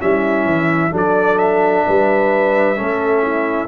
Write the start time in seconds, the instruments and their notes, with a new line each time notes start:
0.00 tuba G3, trombone C#4, horn E4, trumpet E5
0.46 tuba E3
0.92 tuba F#3, trombone D4, horn A4
0.98 trumpet D5
1.39 trumpet E5
1.88 tuba G3, horn B4
2.76 tuba A3, trombone C#4, horn A4
3.23 horn E4